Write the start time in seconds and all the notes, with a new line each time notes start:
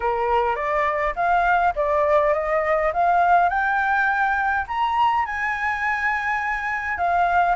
0.00 A#4
0.55 D5
1.15 F5
1.75 D5
2.33 D#5
2.93 F5
3.49 G5
4.67 A#5
5.25 G#5
6.97 F5